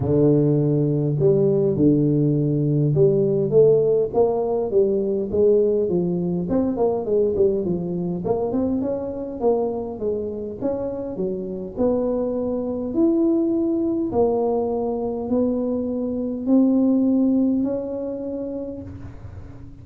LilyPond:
\new Staff \with { instrumentName = "tuba" } { \time 4/4 \tempo 4 = 102 d2 g4 d4~ | d4 g4 a4 ais4 | g4 gis4 f4 c'8 ais8 | gis8 g8 f4 ais8 c'8 cis'4 |
ais4 gis4 cis'4 fis4 | b2 e'2 | ais2 b2 | c'2 cis'2 | }